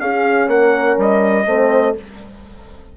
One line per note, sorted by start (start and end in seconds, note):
0.00 0.48 C#4
0.00 1.47 C#4
0.00 0.50 G#4
0.00 0.49 F5
0.48 0.96 A#3
0.48 1.47 A#4
0.48 0.98 F#5
0.98 1.46 G3
0.98 1.97 D#5
1.46 1.94 A3
1.46 1.96 C4
1.46 1.96 C5